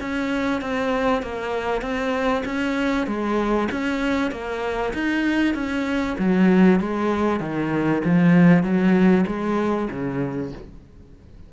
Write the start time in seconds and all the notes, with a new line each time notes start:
0.00 C#4
0.61 C4
1.22 A#3
1.81 C4
2.45 C#4
3.06 G#3
3.71 C#4
4.31 A#3
4.93 D#4
5.54 C#4
6.18 F#3
6.80 G#3
7.40 D#3
8.04 F3
8.63 F#3
9.27 G#3
9.90 C#3